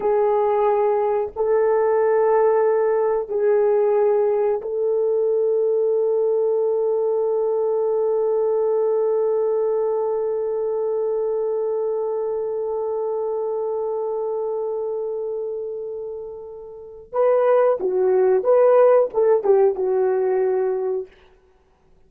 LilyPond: \new Staff \with { instrumentName = "horn" } { \time 4/4 \tempo 4 = 91 gis'2 a'2~ | a'4 gis'2 a'4~ | a'1~ | a'1~ |
a'1~ | a'1~ | a'2 b'4 fis'4 | b'4 a'8 g'8 fis'2 | }